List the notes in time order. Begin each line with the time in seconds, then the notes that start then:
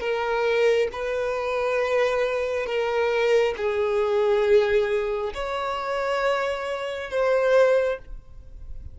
0.00 A#4
0.93 B4
2.66 A#4
3.57 G#4
5.34 C#5
7.10 C5